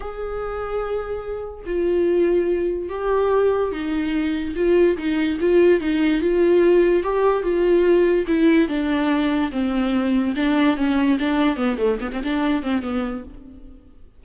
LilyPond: \new Staff \with { instrumentName = "viola" } { \time 4/4 \tempo 4 = 145 gis'1 | f'2. g'4~ | g'4 dis'2 f'4 | dis'4 f'4 dis'4 f'4~ |
f'4 g'4 f'2 | e'4 d'2 c'4~ | c'4 d'4 cis'4 d'4 | b8 a8 b16 c'16 d'4 c'8 b4 | }